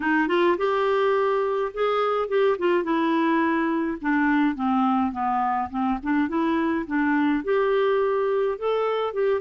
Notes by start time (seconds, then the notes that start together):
0.00 D#4
0.28 F4
0.57 G4
1.73 G#4
2.28 G4
2.58 F4
2.83 E4
4.01 D4
4.55 C4
5.11 B3
5.70 C4
6.02 D4
6.28 E4
6.86 D4
7.44 G4
8.58 A4
9.13 G4